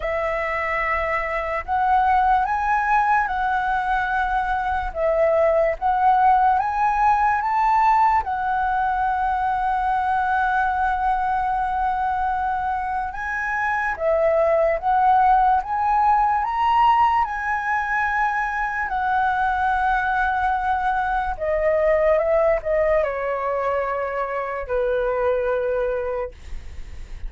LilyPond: \new Staff \with { instrumentName = "flute" } { \time 4/4 \tempo 4 = 73 e''2 fis''4 gis''4 | fis''2 e''4 fis''4 | gis''4 a''4 fis''2~ | fis''1 |
gis''4 e''4 fis''4 gis''4 | ais''4 gis''2 fis''4~ | fis''2 dis''4 e''8 dis''8 | cis''2 b'2 | }